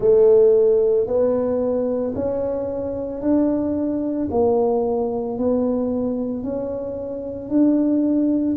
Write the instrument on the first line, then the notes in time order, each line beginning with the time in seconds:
tuba
0.00 A3
1.06 B3
2.15 C#4
3.21 D4
4.31 A#3
5.38 B3
6.43 C#4
7.49 D4